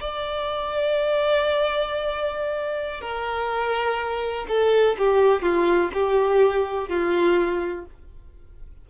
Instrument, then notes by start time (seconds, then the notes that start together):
violin
0.00 D5
3.00 A#4
4.48 A4
4.98 G4
5.42 F4
5.93 G4
6.88 F4